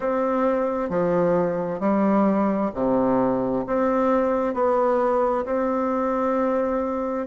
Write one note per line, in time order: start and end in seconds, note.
0.00 0.89 C4
0.89 1.79 F3
1.79 2.70 G3
2.74 3.65 C3
3.67 4.53 C4
4.53 5.44 B3
5.45 7.26 C4